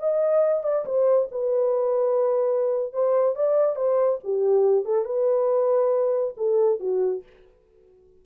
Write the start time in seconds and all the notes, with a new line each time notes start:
0.00 D#5
0.64 D5
0.86 C5
1.32 B4
2.93 C5
3.36 D5
3.76 C5
4.24 G4
4.85 A4
5.05 B4
6.37 A4
6.80 F#4